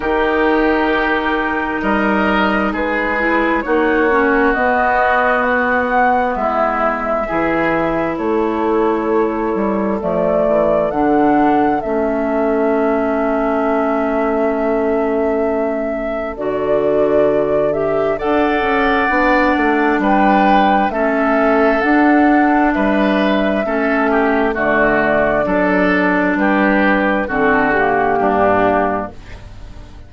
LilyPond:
<<
  \new Staff \with { instrumentName = "flute" } { \time 4/4 \tempo 4 = 66 ais'2 dis''4 b'4 | cis''4 dis''4 fis''4 e''4~ | e''4 cis''2 d''4 | fis''4 e''2.~ |
e''2 d''4. e''8 | fis''2 g''4 e''4 | fis''4 e''2 d''4~ | d''4 b'4 a'8 g'4. | }
  \new Staff \with { instrumentName = "oboe" } { \time 4/4 g'2 ais'4 gis'4 | fis'2. e'4 | gis'4 a'2.~ | a'1~ |
a'1 | d''2 b'4 a'4~ | a'4 b'4 a'8 g'8 fis'4 | a'4 g'4 fis'4 d'4 | }
  \new Staff \with { instrumentName = "clarinet" } { \time 4/4 dis'2.~ dis'8 e'8 | dis'8 cis'8 b2. | e'2. a4 | d'4 cis'2.~ |
cis'2 fis'4. g'8 | a'4 d'2 cis'4 | d'2 cis'4 a4 | d'2 c'8 ais4. | }
  \new Staff \with { instrumentName = "bassoon" } { \time 4/4 dis2 g4 gis4 | ais4 b2 gis4 | e4 a4. g8 f8 e8 | d4 a2.~ |
a2 d2 | d'8 cis'8 b8 a8 g4 a4 | d'4 g4 a4 d4 | fis4 g4 d4 g,4 | }
>>